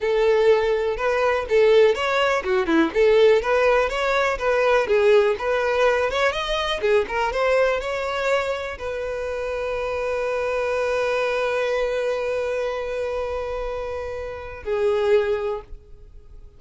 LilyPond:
\new Staff \with { instrumentName = "violin" } { \time 4/4 \tempo 4 = 123 a'2 b'4 a'4 | cis''4 fis'8 e'8 a'4 b'4 | cis''4 b'4 gis'4 b'4~ | b'8 cis''8 dis''4 gis'8 ais'8 c''4 |
cis''2 b'2~ | b'1~ | b'1~ | b'2 gis'2 | }